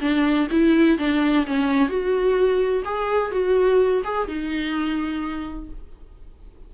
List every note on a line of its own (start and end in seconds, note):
0.00 0.47 D4
0.51 0.98 E4
0.98 1.45 D4
1.46 1.88 C#4
1.88 2.83 F#4
2.85 3.31 G#4
3.31 4.02 F#4
4.04 4.28 G#4
4.28 5.69 D#4